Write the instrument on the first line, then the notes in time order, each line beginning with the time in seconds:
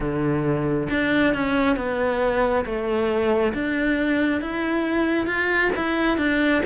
cello
0.00 D3
0.90 D4
1.34 C#4
1.76 B3
2.65 A3
3.53 D4
4.41 E4
5.26 F4
5.76 E4
6.17 D4